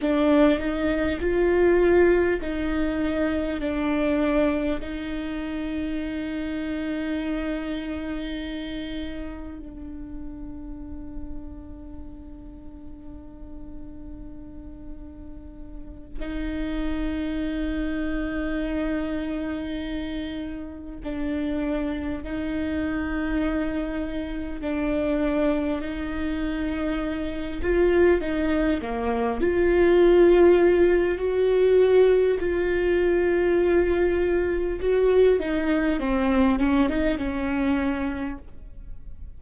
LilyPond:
\new Staff \with { instrumentName = "viola" } { \time 4/4 \tempo 4 = 50 d'8 dis'8 f'4 dis'4 d'4 | dis'1 | d'1~ | d'4. dis'2~ dis'8~ |
dis'4. d'4 dis'4.~ | dis'8 d'4 dis'4. f'8 dis'8 | ais8 f'4. fis'4 f'4~ | f'4 fis'8 dis'8 c'8 cis'16 dis'16 cis'4 | }